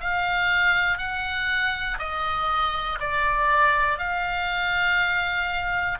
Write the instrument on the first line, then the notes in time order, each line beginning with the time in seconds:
oboe
0.00 F5
0.98 F#5
1.99 D#5
3.00 D5
3.98 F5